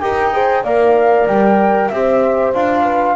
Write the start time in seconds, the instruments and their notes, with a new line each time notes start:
0.00 double bass D#4, trombone G4, horn A#4, flute G5
0.32 trombone G#4, horn C5
0.63 double bass A#3, trombone A#4, horn D5, flute F5
1.27 double bass G3, flute G5
1.88 double bass C4, trombone G4, horn C5, flute E5
2.54 double bass D4, trombone F4, flute F5
2.83 horn B4